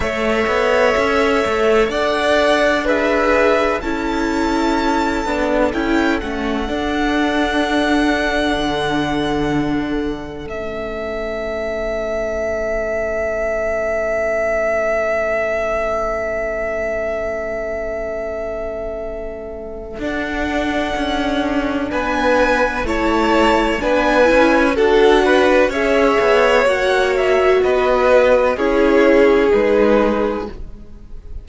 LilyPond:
<<
  \new Staff \with { instrumentName = "violin" } { \time 4/4 \tempo 4 = 63 e''2 fis''4 e''4 | a''2 g''8 fis''4.~ | fis''2. e''4~ | e''1~ |
e''1~ | e''4 fis''2 gis''4 | a''4 gis''4 fis''4 e''4 | fis''8 e''8 dis''4 cis''4 b'4 | }
  \new Staff \with { instrumentName = "violin" } { \time 4/4 cis''2 d''4 b'4 | a'1~ | a'1~ | a'1~ |
a'1~ | a'2. b'4 | cis''4 b'4 a'8 b'8 cis''4~ | cis''4 b'4 gis'2 | }
  \new Staff \with { instrumentName = "viola" } { \time 4/4 a'2. gis'4 | e'4. d'8 e'8 cis'8 d'4~ | d'2. cis'4~ | cis'1~ |
cis'1~ | cis'4 d'2. | e'4 d'8 e'8 fis'4 gis'4 | fis'2 e'4 dis'4 | }
  \new Staff \with { instrumentName = "cello" } { \time 4/4 a8 b8 cis'8 a8 d'2 | cis'4. b8 cis'8 a8 d'4~ | d'4 d2 a4~ | a1~ |
a1~ | a4 d'4 cis'4 b4 | a4 b8 cis'8 d'4 cis'8 b8 | ais4 b4 cis'4 gis4 | }
>>